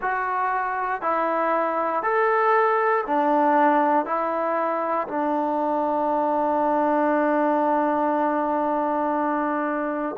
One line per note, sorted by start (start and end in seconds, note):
0.01 1.01 F#4
1.01 2.02 E4
2.02 3.04 A4
3.06 4.05 D4
4.05 5.07 E4
5.07 10.16 D4